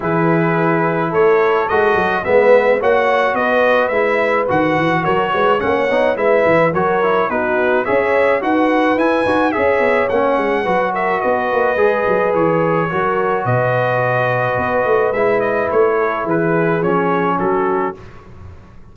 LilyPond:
<<
  \new Staff \with { instrumentName = "trumpet" } { \time 4/4 \tempo 4 = 107 b'2 cis''4 dis''4 | e''4 fis''4 dis''4 e''4 | fis''4 cis''4 fis''4 e''4 | cis''4 b'4 e''4 fis''4 |
gis''4 e''4 fis''4. e''8 | dis''2 cis''2 | dis''2. e''8 dis''8 | cis''4 b'4 cis''4 a'4 | }
  \new Staff \with { instrumentName = "horn" } { \time 4/4 gis'2 a'2 | b'4 cis''4 b'2~ | b'4 ais'8 b'8 cis''4 b'4 | ais'4 fis'4 cis''4 b'4~ |
b'4 cis''2 b'8 ais'8 | b'2. ais'4 | b'1~ | b'8 a'8 gis'2 fis'4 | }
  \new Staff \with { instrumentName = "trombone" } { \time 4/4 e'2. fis'4 | b4 fis'2 e'4 | fis'2 cis'8 dis'8 e'4 | fis'8 e'8 dis'4 gis'4 fis'4 |
e'8 fis'8 gis'4 cis'4 fis'4~ | fis'4 gis'2 fis'4~ | fis'2. e'4~ | e'2 cis'2 | }
  \new Staff \with { instrumentName = "tuba" } { \time 4/4 e2 a4 gis8 fis8 | gis4 ais4 b4 gis4 | dis8 e8 fis8 gis8 ais8 b8 gis8 e8 | fis4 b4 cis'4 dis'4 |
e'8 dis'8 cis'8 b8 ais8 gis8 fis4 | b8 ais8 gis8 fis8 e4 fis4 | b,2 b8 a8 gis4 | a4 e4 f4 fis4 | }
>>